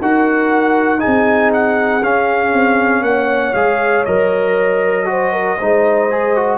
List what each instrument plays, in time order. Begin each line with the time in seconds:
0.00 tuba D#4, trombone F#4, horn A#4, trumpet F#5
0.99 trombone D#4, horn G#4, trumpet G#5
1.06 tuba C4
1.53 trumpet F#5
2.03 trombone C#4, tuba C#4, trumpet F5
2.53 tuba C4
3.01 tuba A#3, horn C#5, trumpet F#5
3.54 tuba G#3, trombone G#4, trumpet F5
4.05 tuba F#3, trombone A#4, trumpet D#5
5.06 trombone F#4, horn C5
5.32 horn A#4
5.58 tuba G#3, trombone D#4, horn C5
6.10 trombone G#4
6.36 trombone F#4